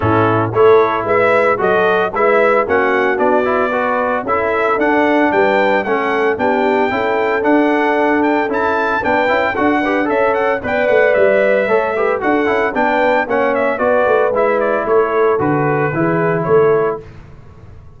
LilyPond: <<
  \new Staff \with { instrumentName = "trumpet" } { \time 4/4 \tempo 4 = 113 a'4 cis''4 e''4 dis''4 | e''4 fis''4 d''2 | e''4 fis''4 g''4 fis''4 | g''2 fis''4. g''8 |
a''4 g''4 fis''4 e''8 fis''8 | g''8 fis''8 e''2 fis''4 | g''4 fis''8 e''8 d''4 e''8 d''8 | cis''4 b'2 cis''4 | }
  \new Staff \with { instrumentName = "horn" } { \time 4/4 e'4 a'4 b'4 a'4 | b'4 fis'2 b'4 | a'2 b'4 a'4 | g'4 a'2.~ |
a'4 b'4 a'8 b'8 cis''4 | d''2 cis''8 b'8 a'4 | b'4 cis''4 b'2 | a'2 gis'4 a'4 | }
  \new Staff \with { instrumentName = "trombone" } { \time 4/4 cis'4 e'2 fis'4 | e'4 cis'4 d'8 e'8 fis'4 | e'4 d'2 cis'4 | d'4 e'4 d'2 |
e'4 d'8 e'8 fis'8 g'8 a'4 | b'2 a'8 g'8 fis'8 e'8 | d'4 cis'4 fis'4 e'4~ | e'4 fis'4 e'2 | }
  \new Staff \with { instrumentName = "tuba" } { \time 4/4 a,4 a4 gis4 fis4 | gis4 ais4 b2 | cis'4 d'4 g4 a4 | b4 cis'4 d'2 |
cis'4 b8 cis'8 d'4 cis'4 | b8 a8 g4 a4 d'8 cis'8 | b4 ais4 b8 a8 gis4 | a4 d4 e4 a4 | }
>>